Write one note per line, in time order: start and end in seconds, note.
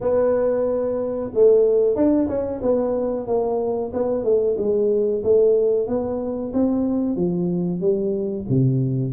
0.00 1.31 B3
1.33 1.95 A3
1.95 2.28 D4
2.28 2.61 C#4
2.61 3.26 B3
3.26 3.91 A#3
3.93 4.24 B3
4.24 4.56 A3
4.57 5.23 G#3
5.23 5.87 A3
5.87 6.52 B3
6.53 7.16 C4
7.16 7.80 F3
7.80 8.45 G3
8.49 9.13 C3